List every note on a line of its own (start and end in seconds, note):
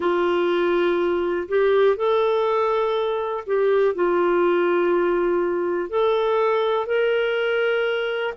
0.00 1.48 F4
1.48 1.96 G4
1.96 3.44 A4
3.46 3.94 G4
3.94 5.89 F4
5.89 6.86 A4
6.86 8.33 A#4